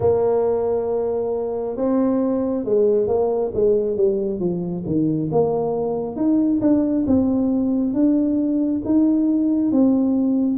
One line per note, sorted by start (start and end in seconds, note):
0.00 1.76 A#3
1.76 2.64 C4
2.64 3.07 G#3
3.07 3.51 A#3
3.54 3.96 G#3
3.96 4.39 G3
4.39 4.83 F3
4.85 5.29 D#3
5.31 6.16 A#3
6.16 6.60 D#4
6.61 7.05 D4
7.06 7.93 C4
7.93 8.82 D4
8.84 9.71 D#4
9.71 10.58 C4